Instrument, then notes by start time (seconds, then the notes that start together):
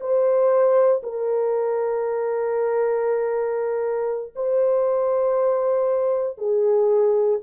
horn
0.00 C5
1.03 A#4
4.35 C5
6.37 G#4